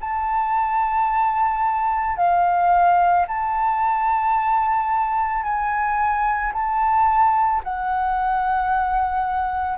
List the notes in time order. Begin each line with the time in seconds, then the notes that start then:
0.00 A5
2.17 F5
3.27 A5
5.43 G#5
6.53 A5
7.63 F#5